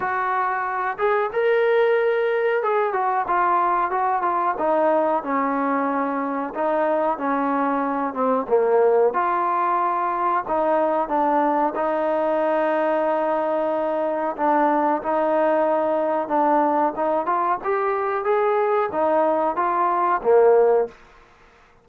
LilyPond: \new Staff \with { instrumentName = "trombone" } { \time 4/4 \tempo 4 = 92 fis'4. gis'8 ais'2 | gis'8 fis'8 f'4 fis'8 f'8 dis'4 | cis'2 dis'4 cis'4~ | cis'8 c'8 ais4 f'2 |
dis'4 d'4 dis'2~ | dis'2 d'4 dis'4~ | dis'4 d'4 dis'8 f'8 g'4 | gis'4 dis'4 f'4 ais4 | }